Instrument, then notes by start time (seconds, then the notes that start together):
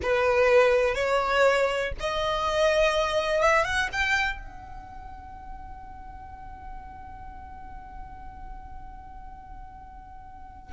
violin
0.02 B4
0.94 C#5
2.00 D#5
3.41 E5
3.64 F#5
3.92 G5
4.39 F#5